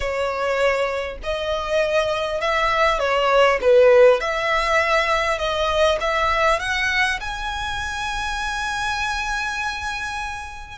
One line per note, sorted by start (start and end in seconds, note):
0.00 1.17 C#5
1.23 2.41 D#5
2.41 2.99 E5
2.99 3.59 C#5
3.61 4.20 B4
4.20 5.38 E5
5.38 5.98 D#5
6.00 6.59 E5
6.59 7.19 F#5
7.20 10.78 G#5